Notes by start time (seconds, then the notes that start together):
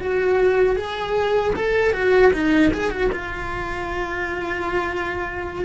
0.00 F#4
0.77 G#4
1.56 A4
1.93 F#4
2.33 D#4
2.74 G#4
2.91 F#4
3.12 F4